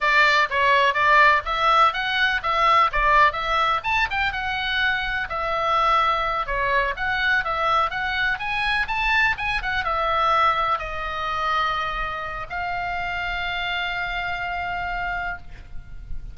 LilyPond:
\new Staff \with { instrumentName = "oboe" } { \time 4/4 \tempo 4 = 125 d''4 cis''4 d''4 e''4 | fis''4 e''4 d''4 e''4 | a''8 g''8 fis''2 e''4~ | e''4. cis''4 fis''4 e''8~ |
e''8 fis''4 gis''4 a''4 gis''8 | fis''8 e''2 dis''4.~ | dis''2 f''2~ | f''1 | }